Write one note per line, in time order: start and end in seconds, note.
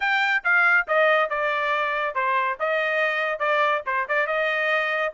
0.00 0.43 G5
0.44 0.86 F5
0.87 1.29 D#5
1.29 2.14 D5
2.14 2.57 C5
2.59 3.39 D#5
3.39 3.82 D5
3.86 4.07 C5
4.08 4.26 D5
4.26 5.12 D#5